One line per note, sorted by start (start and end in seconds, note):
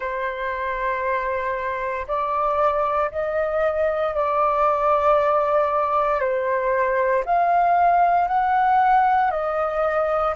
0.00 2.06 C5
2.07 3.10 D5
3.11 4.14 D#5
4.14 6.20 D5
6.20 7.24 C5
7.25 8.27 F5
8.27 9.31 F#5
9.31 10.34 D#5